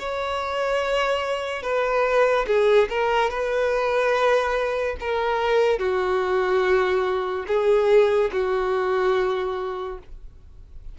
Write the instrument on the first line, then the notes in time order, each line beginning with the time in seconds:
violin
0.00 C#5
1.63 B4
2.47 G#4
2.90 A#4
3.30 B4
5.01 A#4
5.80 F#4
7.48 G#4
8.33 F#4